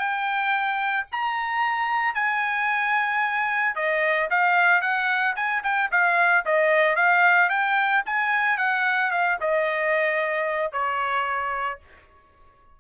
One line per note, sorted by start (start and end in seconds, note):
0.00 1.07 G5
1.12 2.15 A#5
2.15 3.76 G#5
3.76 4.29 D#5
4.31 4.82 F5
4.82 5.35 F#5
5.36 5.63 G#5
5.64 5.91 G5
5.92 6.45 F5
6.46 6.96 D#5
6.96 7.50 F5
7.50 8.04 G5
8.06 8.58 G#5
8.58 9.11 F#5
9.11 9.38 F5
9.41 10.73 D#5
10.73 11.80 C#5